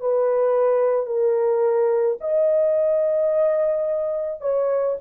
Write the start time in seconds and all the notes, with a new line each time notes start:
0.00 B4
1.06 A#4
2.20 D#5
4.41 C#5